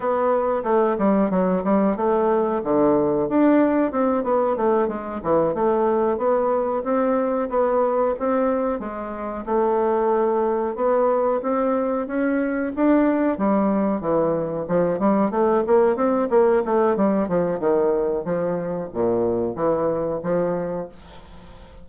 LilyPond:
\new Staff \with { instrumentName = "bassoon" } { \time 4/4 \tempo 4 = 92 b4 a8 g8 fis8 g8 a4 | d4 d'4 c'8 b8 a8 gis8 | e8 a4 b4 c'4 b8~ | b8 c'4 gis4 a4.~ |
a8 b4 c'4 cis'4 d'8~ | d'8 g4 e4 f8 g8 a8 | ais8 c'8 ais8 a8 g8 f8 dis4 | f4 ais,4 e4 f4 | }